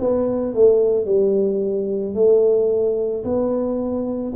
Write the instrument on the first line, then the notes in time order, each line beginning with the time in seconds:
tuba
0.00 B3
0.55 A3
1.06 G3
2.15 A3
3.24 B3